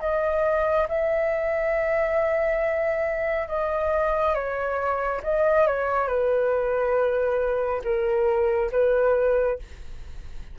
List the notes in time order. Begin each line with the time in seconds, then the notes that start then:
0.00 D#5
0.88 E5
3.48 D#5
4.34 C#5
5.23 D#5
5.67 C#5
6.08 B4
7.84 A#4
8.72 B4